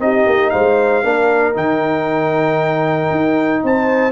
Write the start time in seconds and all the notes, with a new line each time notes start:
0.00 C4 D#4 G4 D#5
0.27 A#3
0.50 G#3 C5 F5
1.04 A#3 D4 A#4
1.54 D#3 D#4 G5
3.11 D#4
3.64 C4 C5 A5